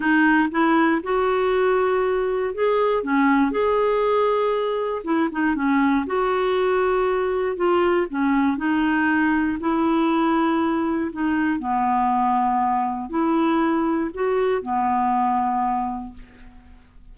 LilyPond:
\new Staff \with { instrumentName = "clarinet" } { \time 4/4 \tempo 4 = 119 dis'4 e'4 fis'2~ | fis'4 gis'4 cis'4 gis'4~ | gis'2 e'8 dis'8 cis'4 | fis'2. f'4 |
cis'4 dis'2 e'4~ | e'2 dis'4 b4~ | b2 e'2 | fis'4 b2. | }